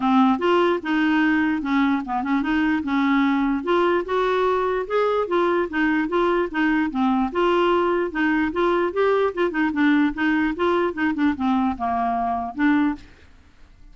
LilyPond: \new Staff \with { instrumentName = "clarinet" } { \time 4/4 \tempo 4 = 148 c'4 f'4 dis'2 | cis'4 b8 cis'8 dis'4 cis'4~ | cis'4 f'4 fis'2 | gis'4 f'4 dis'4 f'4 |
dis'4 c'4 f'2 | dis'4 f'4 g'4 f'8 dis'8 | d'4 dis'4 f'4 dis'8 d'8 | c'4 ais2 d'4 | }